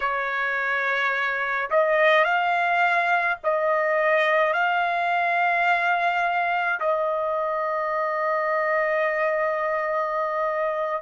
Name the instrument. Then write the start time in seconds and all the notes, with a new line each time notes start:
trumpet
0.00 C#5
1.70 D#5
2.24 F5
3.43 D#5
4.53 F5
6.80 D#5